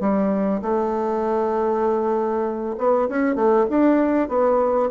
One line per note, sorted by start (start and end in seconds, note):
0.00 0.61 G3
0.62 2.76 A3
2.78 3.08 B3
3.08 3.35 C#4
3.35 3.66 A3
3.70 4.29 D4
4.29 4.90 B3